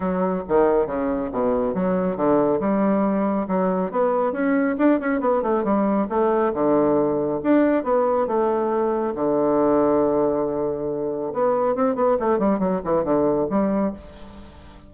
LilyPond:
\new Staff \with { instrumentName = "bassoon" } { \time 4/4 \tempo 4 = 138 fis4 dis4 cis4 b,4 | fis4 d4 g2 | fis4 b4 cis'4 d'8 cis'8 | b8 a8 g4 a4 d4~ |
d4 d'4 b4 a4~ | a4 d2.~ | d2 b4 c'8 b8 | a8 g8 fis8 e8 d4 g4 | }